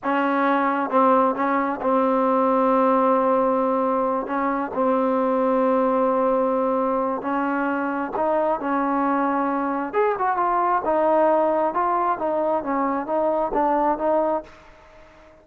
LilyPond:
\new Staff \with { instrumentName = "trombone" } { \time 4/4 \tempo 4 = 133 cis'2 c'4 cis'4 | c'1~ | c'4. cis'4 c'4.~ | c'1 |
cis'2 dis'4 cis'4~ | cis'2 gis'8 fis'8 f'4 | dis'2 f'4 dis'4 | cis'4 dis'4 d'4 dis'4 | }